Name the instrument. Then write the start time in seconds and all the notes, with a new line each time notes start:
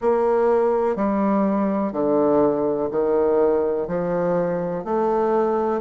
bassoon
0.00 A#3
0.95 G3
1.92 D3
2.90 D#3
3.87 F3
4.84 A3